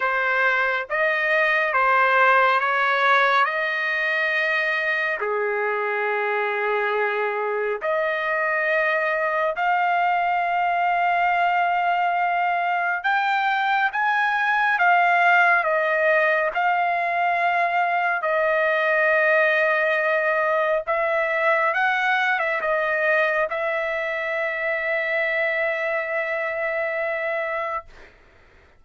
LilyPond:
\new Staff \with { instrumentName = "trumpet" } { \time 4/4 \tempo 4 = 69 c''4 dis''4 c''4 cis''4 | dis''2 gis'2~ | gis'4 dis''2 f''4~ | f''2. g''4 |
gis''4 f''4 dis''4 f''4~ | f''4 dis''2. | e''4 fis''8. e''16 dis''4 e''4~ | e''1 | }